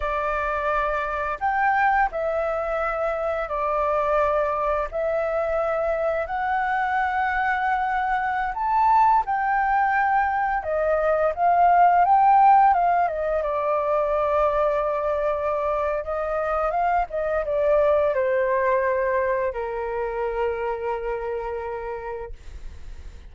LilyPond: \new Staff \with { instrumentName = "flute" } { \time 4/4 \tempo 4 = 86 d''2 g''4 e''4~ | e''4 d''2 e''4~ | e''4 fis''2.~ | fis''16 a''4 g''2 dis''8.~ |
dis''16 f''4 g''4 f''8 dis''8 d''8.~ | d''2. dis''4 | f''8 dis''8 d''4 c''2 | ais'1 | }